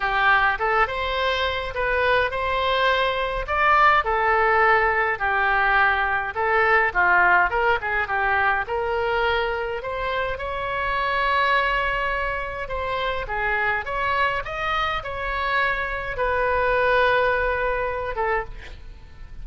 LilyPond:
\new Staff \with { instrumentName = "oboe" } { \time 4/4 \tempo 4 = 104 g'4 a'8 c''4. b'4 | c''2 d''4 a'4~ | a'4 g'2 a'4 | f'4 ais'8 gis'8 g'4 ais'4~ |
ais'4 c''4 cis''2~ | cis''2 c''4 gis'4 | cis''4 dis''4 cis''2 | b'2.~ b'8 a'8 | }